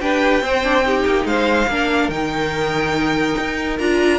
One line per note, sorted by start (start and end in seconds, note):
0.00 0.42 D4
0.00 0.41 G4
0.00 0.43 B4
0.00 1.26 G5
0.41 1.04 C4
0.41 0.63 C4
0.41 0.85 C5
0.63 0.84 D4
0.84 1.68 D#4
0.84 1.27 G4
1.05 1.25 A#3
1.25 1.67 G#3
1.25 1.69 C5
1.25 2.10 F5
1.67 2.08 A#3
1.67 2.12 D4
1.67 4.19 A#4
2.08 3.34 D#3
2.08 3.79 D#4
2.08 3.78 G5
3.37 3.79 D#4
3.78 4.19 D4
3.78 4.19 F4
3.78 4.19 A#5